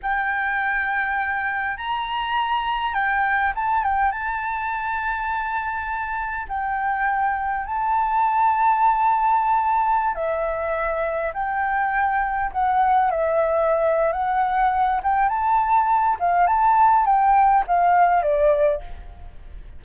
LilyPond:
\new Staff \with { instrumentName = "flute" } { \time 4/4 \tempo 4 = 102 g''2. ais''4~ | ais''4 g''4 a''8 g''8 a''4~ | a''2. g''4~ | g''4 a''2.~ |
a''4~ a''16 e''2 g''8.~ | g''4~ g''16 fis''4 e''4.~ e''16 | fis''4. g''8 a''4. f''8 | a''4 g''4 f''4 d''4 | }